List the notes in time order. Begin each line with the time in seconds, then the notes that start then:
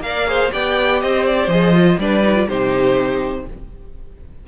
0.00 A#3 A#4 D5 F5
0.27 G#4 C5
0.52 B3 G4 D5 G5
1.01 C4 C5 D#5
1.25 D5
1.47 F3 G#4 D#5
1.74 F4
1.98 G3 D4 B4 D5
2.23 D#4
2.35 F4
2.48 C3 D#4 G4 C5